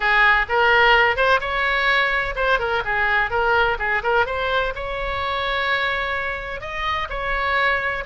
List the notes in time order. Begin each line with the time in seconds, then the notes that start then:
0.00 G#4
0.49 A#4
1.16 C5
1.40 C#5
2.35 C5
2.59 A#4
2.84 G#4
3.30 A#4
3.79 G#4
4.03 A#4
4.26 C5
4.75 C#5
6.60 D#5
7.09 C#5